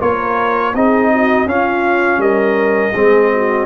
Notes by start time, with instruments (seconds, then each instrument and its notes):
0.00 tuba A#3, trombone F4, horn A#4, trumpet C#5
0.75 tuba C4, trombone D#4, horn G#4, trumpet D#5
1.12 horn F#4
1.45 tuba C#4, trombone C#4, horn F4, trumpet F5
2.18 tuba G3, horn A#4, trumpet D#5
2.94 tuba G#3, trombone C4, horn G#4
3.34 horn F#4